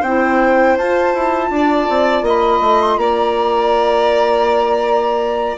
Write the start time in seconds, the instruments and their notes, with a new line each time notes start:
0.00 bassoon C4, violin C5, flute G5
0.06 clarinet E4
0.77 bassoon F4, clarinet F4, flute A5
1.14 bassoon E4
1.50 bassoon D4, violin D5
1.89 bassoon C4
2.22 bassoon A#3, violin D#5
2.28 flute B5
2.61 bassoon A3
2.82 flute C6
2.97 bassoon A#3, violin D5, flute A#5